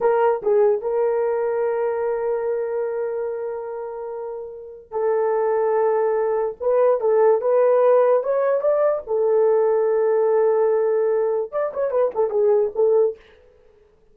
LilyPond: \new Staff \with { instrumentName = "horn" } { \time 4/4 \tempo 4 = 146 ais'4 gis'4 ais'2~ | ais'1~ | ais'1 | a'1 |
b'4 a'4 b'2 | cis''4 d''4 a'2~ | a'1 | d''8 cis''8 b'8 a'8 gis'4 a'4 | }